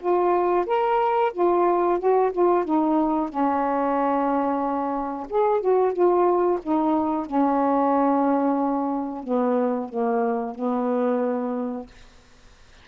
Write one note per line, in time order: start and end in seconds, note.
0.00 0.66 F4
0.66 1.32 A#4
1.33 1.99 F4
1.99 2.32 F#4
2.32 2.65 F4
2.65 3.29 D#4
3.29 5.27 C#4
5.30 5.61 G#4
5.61 5.93 F#4
5.93 6.59 F4
6.63 7.26 D#4
7.26 9.23 C#4
9.23 9.89 B3
9.89 10.55 A#3
10.55 11.87 B3